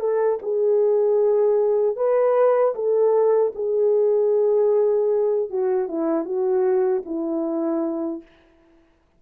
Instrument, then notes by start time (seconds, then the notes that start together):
horn
0.00 A4
0.42 G#4
1.96 B4
2.75 A4
3.55 G#4
5.50 F#4
5.88 E4
6.25 F#4
7.06 E4